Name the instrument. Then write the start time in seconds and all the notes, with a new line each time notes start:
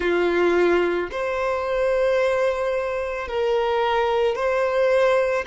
violin
0.00 F4
1.11 C5
3.28 A#4
4.35 C5